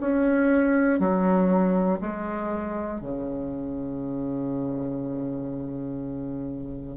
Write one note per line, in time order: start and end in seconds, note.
0.00 1.00 C#4
1.00 2.00 F#3
2.01 3.00 G#3
3.00 6.97 C#3